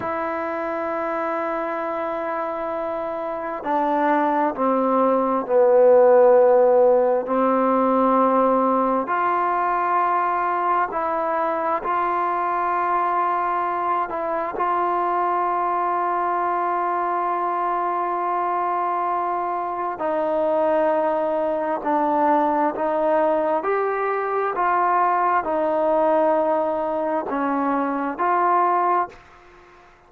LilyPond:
\new Staff \with { instrumentName = "trombone" } { \time 4/4 \tempo 4 = 66 e'1 | d'4 c'4 b2 | c'2 f'2 | e'4 f'2~ f'8 e'8 |
f'1~ | f'2 dis'2 | d'4 dis'4 g'4 f'4 | dis'2 cis'4 f'4 | }